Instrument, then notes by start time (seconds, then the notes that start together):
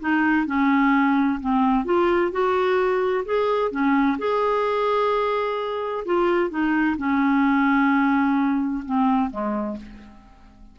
clarinet
0.00 D#4
0.47 C#4
1.40 C4
1.85 F4
2.32 F#4
3.25 G#4
3.71 C#4
4.18 G#4
6.05 F4
6.50 D#4
6.98 C#4
8.85 C4
9.30 G#3